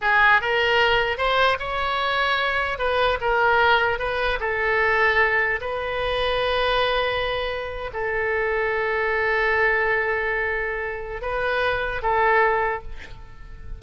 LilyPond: \new Staff \with { instrumentName = "oboe" } { \time 4/4 \tempo 4 = 150 gis'4 ais'2 c''4 | cis''2. b'4 | ais'2 b'4 a'4~ | a'2 b'2~ |
b'2.~ b'8. a'16~ | a'1~ | a'1 | b'2 a'2 | }